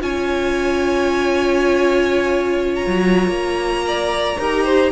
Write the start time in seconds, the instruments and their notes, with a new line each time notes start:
0.00 cello C#4, viola F4, violin C#5 G#5
2.75 violin A#5
2.86 cello F#3
3.27 cello A#3
3.87 violin D5
4.38 cello D#4, viola G4, violin A#4
4.64 violin C5